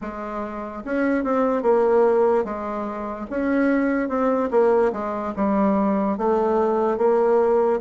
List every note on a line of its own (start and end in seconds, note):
0.01 0.83 G#3
0.84 1.23 C#4
1.23 1.62 C4
1.62 2.44 A#3
2.44 3.26 G#3
3.30 4.08 C#4
4.08 4.49 C4
4.51 4.92 A#3
4.92 5.33 G#3
5.36 6.17 G3
6.17 6.97 A3
6.97 7.79 A#3